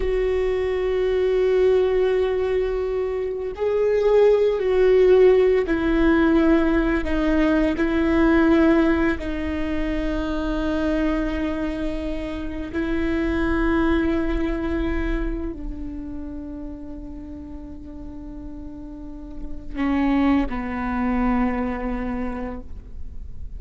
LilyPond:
\new Staff \with { instrumentName = "viola" } { \time 4/4 \tempo 4 = 85 fis'1~ | fis'4 gis'4. fis'4. | e'2 dis'4 e'4~ | e'4 dis'2.~ |
dis'2 e'2~ | e'2 d'2~ | d'1 | cis'4 b2. | }